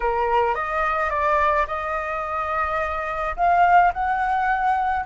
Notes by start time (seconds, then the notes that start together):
0.00 A#4
0.54 D#5
1.10 D5
1.67 D#5
3.36 F5
3.93 F#5